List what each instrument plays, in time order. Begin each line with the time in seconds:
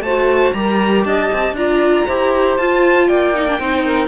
0.00 cello A3, saxophone C5, violin A5
0.07 viola F#4
0.53 cello G3, viola G4, saxophone A#4, violin A#5
1.04 cello D4, saxophone D#5, violin A5
1.33 cello C4
1.52 cello D4, viola F4, saxophone D5, violin A#5
2.06 cello E4, viola G4, saxophone C5
2.57 cello F4, viola F4, violin A5
3.07 cello A#3, saxophone D5, violin G5
3.34 viola D#4
3.47 viola D4
3.58 cello C4, viola D#4, saxophone C5
3.84 saxophone A#4